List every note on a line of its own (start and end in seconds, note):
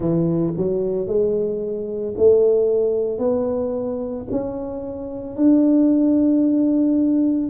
0.00 0.54 E3
0.56 1.07 F#3
1.07 2.14 G#3
2.17 3.18 A3
3.18 4.25 B3
4.31 5.36 C#4
5.36 7.50 D4